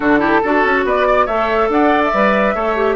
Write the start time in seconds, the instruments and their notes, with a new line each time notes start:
0.00 bassoon D3, clarinet D4, oboe F#4, flute A4
0.19 clarinet E4, oboe G4
0.42 bassoon D4, clarinet F#4, oboe A4
0.64 bassoon C#4
0.84 bassoon B3, oboe B4, flute D5
1.07 oboe D5
1.25 bassoon A3, clarinet A4, oboe C#5, flute E5
1.69 bassoon D4, oboe D5, flute F#5
2.04 flute E5
2.13 bassoon G3, clarinet B4
2.54 bassoon A3, clarinet A4, oboe C#5
2.76 clarinet G4